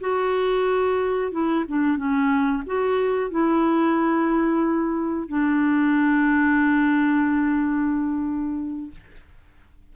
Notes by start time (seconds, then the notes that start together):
0.00 F#4
1.31 E4
1.68 D4
1.97 C#4
2.66 F#4
3.30 E4
5.28 D4